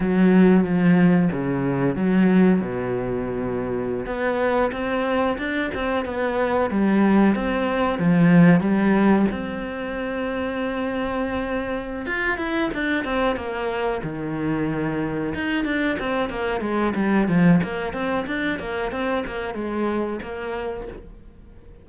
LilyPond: \new Staff \with { instrumentName = "cello" } { \time 4/4 \tempo 4 = 92 fis4 f4 cis4 fis4 | b,2~ b,16 b4 c'8.~ | c'16 d'8 c'8 b4 g4 c'8.~ | c'16 f4 g4 c'4.~ c'16~ |
c'2~ c'8 f'8 e'8 d'8 | c'8 ais4 dis2 dis'8 | d'8 c'8 ais8 gis8 g8 f8 ais8 c'8 | d'8 ais8 c'8 ais8 gis4 ais4 | }